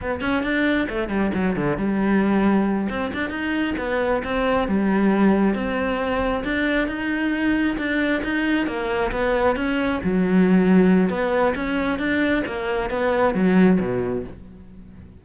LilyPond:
\new Staff \with { instrumentName = "cello" } { \time 4/4 \tempo 4 = 135 b8 cis'8 d'4 a8 g8 fis8 d8 | g2~ g8 c'8 d'8 dis'8~ | dis'8 b4 c'4 g4.~ | g8 c'2 d'4 dis'8~ |
dis'4. d'4 dis'4 ais8~ | ais8 b4 cis'4 fis4.~ | fis4 b4 cis'4 d'4 | ais4 b4 fis4 b,4 | }